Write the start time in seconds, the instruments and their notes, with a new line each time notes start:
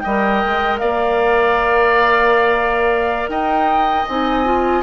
0.00 bassoon G3, clarinet A#4, oboe D#5, flute G5
0.44 bassoon G#3
0.78 bassoon A#3, oboe D5, flute F5
3.28 bassoon D#4, oboe D#5, flute G5
4.07 bassoon C4, clarinet D#4, flute G#5
4.44 clarinet F4